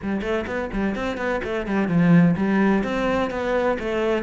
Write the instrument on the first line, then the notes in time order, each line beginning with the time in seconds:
cello
0.02 G3
0.21 A3
0.47 B3
0.72 G3
0.95 C4
1.17 B3
1.44 A3
1.66 G3
1.88 F3
2.36 G3
2.83 C4
3.30 B3
3.79 A3